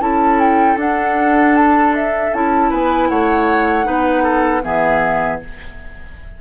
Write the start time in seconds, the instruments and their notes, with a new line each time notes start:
0.00 bassoon C#4, clarinet E4, oboe A4, flute A5
0.39 flute G5
0.76 bassoon D4, clarinet D4, flute F#5
1.56 flute A5
1.95 flute E5
2.33 bassoon C#4, clarinet E4, flute A5
2.69 bassoon B3, oboe B4, flute G#5
3.09 bassoon A3, oboe C#5, flute F#5
3.84 bassoon B3, clarinet D#4, oboe B4
4.23 oboe A4
4.63 bassoon E3, clarinet B3, oboe G#4, flute E5